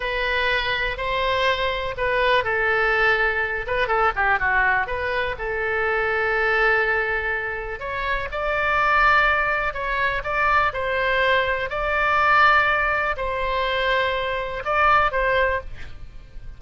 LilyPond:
\new Staff \with { instrumentName = "oboe" } { \time 4/4 \tempo 4 = 123 b'2 c''2 | b'4 a'2~ a'8 b'8 | a'8 g'8 fis'4 b'4 a'4~ | a'1 |
cis''4 d''2. | cis''4 d''4 c''2 | d''2. c''4~ | c''2 d''4 c''4 | }